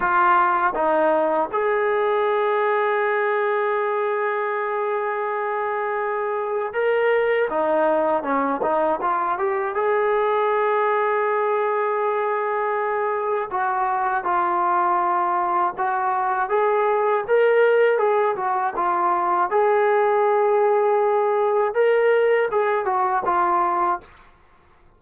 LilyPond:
\new Staff \with { instrumentName = "trombone" } { \time 4/4 \tempo 4 = 80 f'4 dis'4 gis'2~ | gis'1~ | gis'4 ais'4 dis'4 cis'8 dis'8 | f'8 g'8 gis'2.~ |
gis'2 fis'4 f'4~ | f'4 fis'4 gis'4 ais'4 | gis'8 fis'8 f'4 gis'2~ | gis'4 ais'4 gis'8 fis'8 f'4 | }